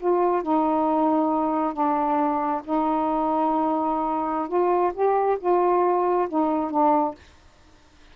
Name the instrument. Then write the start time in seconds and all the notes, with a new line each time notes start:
saxophone
0.00 F4
0.43 D#4
1.74 D4
2.65 D#4
4.48 F4
4.94 G4
5.40 F4
6.29 D#4
6.71 D4